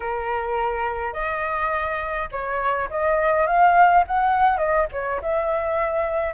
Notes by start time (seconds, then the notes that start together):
0.00 A#4
1.13 D#5
2.31 C#5
2.90 D#5
3.46 F5
4.07 F#5
4.57 D#5
4.92 C#5
5.21 E5